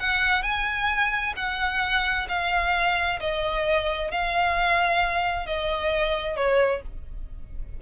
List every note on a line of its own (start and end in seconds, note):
0.00 0.43 F#5
0.43 1.34 G#5
1.37 2.28 F#5
2.29 3.20 F5
3.21 4.11 D#5
4.11 5.47 F5
5.47 6.37 D#5
6.37 6.82 C#5